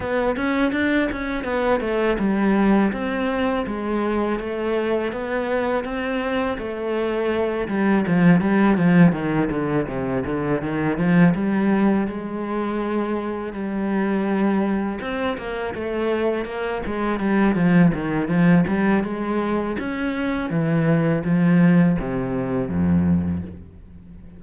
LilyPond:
\new Staff \with { instrumentName = "cello" } { \time 4/4 \tempo 4 = 82 b8 cis'8 d'8 cis'8 b8 a8 g4 | c'4 gis4 a4 b4 | c'4 a4. g8 f8 g8 | f8 dis8 d8 c8 d8 dis8 f8 g8~ |
g8 gis2 g4.~ | g8 c'8 ais8 a4 ais8 gis8 g8 | f8 dis8 f8 g8 gis4 cis'4 | e4 f4 c4 f,4 | }